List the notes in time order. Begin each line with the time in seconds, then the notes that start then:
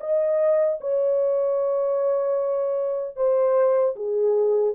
0.00 D#5
0.80 C#5
3.16 C5
3.96 G#4